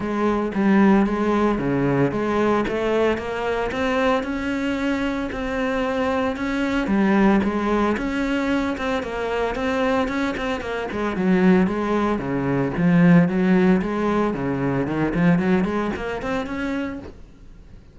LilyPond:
\new Staff \with { instrumentName = "cello" } { \time 4/4 \tempo 4 = 113 gis4 g4 gis4 cis4 | gis4 a4 ais4 c'4 | cis'2 c'2 | cis'4 g4 gis4 cis'4~ |
cis'8 c'8 ais4 c'4 cis'8 c'8 | ais8 gis8 fis4 gis4 cis4 | f4 fis4 gis4 cis4 | dis8 f8 fis8 gis8 ais8 c'8 cis'4 | }